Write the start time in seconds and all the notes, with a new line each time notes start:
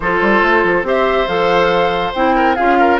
0.00 F3 F4 A4 C5
0.21 G3
0.42 A3
0.63 F3
0.82 C4 G4 C5 E5
1.27 F3 A4 F5
2.14 C4 E4 G5
2.36 A#4
2.55 C#4 F4 G#4 F5
2.79 A#4